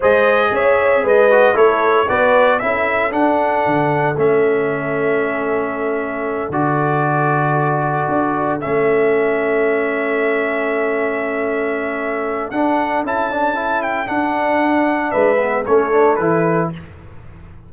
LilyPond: <<
  \new Staff \with { instrumentName = "trumpet" } { \time 4/4 \tempo 4 = 115 dis''4 e''4 dis''4 cis''4 | d''4 e''4 fis''2 | e''1~ | e''8 d''2.~ d''8~ |
d''8 e''2.~ e''8~ | e''1 | fis''4 a''4. g''8 fis''4~ | fis''4 e''4 cis''4 b'4 | }
  \new Staff \with { instrumentName = "horn" } { \time 4/4 c''4 cis''4 b'4 a'4 | b'4 a'2.~ | a'1~ | a'1~ |
a'1~ | a'1~ | a'1~ | a'4 b'4 a'2 | }
  \new Staff \with { instrumentName = "trombone" } { \time 4/4 gis'2~ gis'8 fis'8 e'4 | fis'4 e'4 d'2 | cis'1~ | cis'8 fis'2.~ fis'8~ |
fis'8 cis'2.~ cis'8~ | cis'1 | d'4 e'8 d'8 e'4 d'4~ | d'4. b8 cis'8 d'8 e'4 | }
  \new Staff \with { instrumentName = "tuba" } { \time 4/4 gis4 cis'4 gis4 a4 | b4 cis'4 d'4 d4 | a1~ | a8 d2. d'8~ |
d'8 a2.~ a8~ | a1 | d'4 cis'2 d'4~ | d'4 gis4 a4 e4 | }
>>